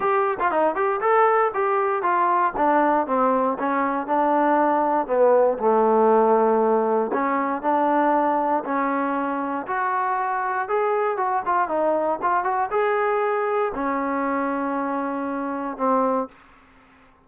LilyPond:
\new Staff \with { instrumentName = "trombone" } { \time 4/4 \tempo 4 = 118 g'8. f'16 dis'8 g'8 a'4 g'4 | f'4 d'4 c'4 cis'4 | d'2 b4 a4~ | a2 cis'4 d'4~ |
d'4 cis'2 fis'4~ | fis'4 gis'4 fis'8 f'8 dis'4 | f'8 fis'8 gis'2 cis'4~ | cis'2. c'4 | }